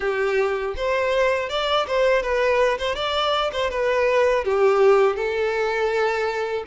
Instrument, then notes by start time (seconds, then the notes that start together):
violin
0.00 G4
0.76 C5
1.49 D5
1.87 C5
2.22 B4
2.78 C5
2.95 D5
3.52 C5
3.70 B4
4.44 G4
5.15 A4